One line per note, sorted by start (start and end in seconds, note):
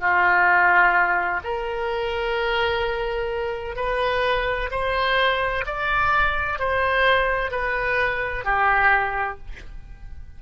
0.00 1.41 F4
1.44 3.76 A#4
3.76 4.70 B4
4.71 5.65 C5
5.66 6.59 D5
6.59 7.51 C5
7.51 8.45 B4
8.45 9.38 G4